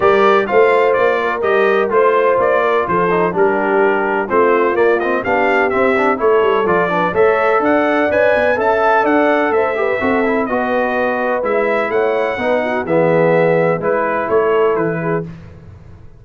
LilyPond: <<
  \new Staff \with { instrumentName = "trumpet" } { \time 4/4 \tempo 4 = 126 d''4 f''4 d''4 dis''4 | c''4 d''4 c''4 ais'4~ | ais'4 c''4 d''8 dis''8 f''4 | e''4 cis''4 d''4 e''4 |
fis''4 gis''4 a''4 fis''4 | e''2 dis''2 | e''4 fis''2 e''4~ | e''4 b'4 cis''4 b'4 | }
  \new Staff \with { instrumentName = "horn" } { \time 4/4 ais'4 c''4. ais'4. | c''4. ais'8 a'4 g'4~ | g'4 f'2 g'4~ | g'4 a'4. b'8 cis''4 |
d''2 e''4 d''4 | c''8 b'8 a'4 b'2~ | b'4 cis''4 b'8 fis'8 gis'4~ | gis'4 b'4 a'4. gis'8 | }
  \new Staff \with { instrumentName = "trombone" } { \time 4/4 g'4 f'2 g'4 | f'2~ f'8 dis'8 d'4~ | d'4 c'4 ais8 c'8 d'4 | c'8 d'8 e'4 f'8 d'8 a'4~ |
a'4 b'4 a'2~ | a'8 g'8 fis'8 e'8 fis'2 | e'2 dis'4 b4~ | b4 e'2. | }
  \new Staff \with { instrumentName = "tuba" } { \time 4/4 g4 a4 ais4 g4 | a4 ais4 f4 g4~ | g4 a4 ais4 b4 | c'4 a8 g8 f4 a4 |
d'4 cis'8 b8 cis'4 d'4 | a4 c'4 b2 | gis4 a4 b4 e4~ | e4 gis4 a4 e4 | }
>>